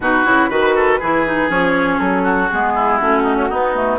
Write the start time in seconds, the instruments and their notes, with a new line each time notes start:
0.00 bassoon B2, clarinet D#4, oboe F#4, flute B4
0.25 bassoon C#3, clarinet E4
0.49 bassoon D#3, clarinet F#4, oboe B4
0.75 oboe A4
0.99 bassoon E3, clarinet E4, oboe G#4
1.26 clarinet D#4
1.49 bassoon F3, clarinet C#4, flute C#5
1.99 bassoon F#3, flute A4
2.22 oboe F#4
2.49 bassoon G#3, clarinet B3, flute G#4
2.75 oboe E4
2.97 bassoon A3, clarinet C#4, flute F#4
3.23 oboe D#4
3.35 oboe C#4
3.49 bassoon B3, clarinet B3, oboe D#4
3.75 clarinet A3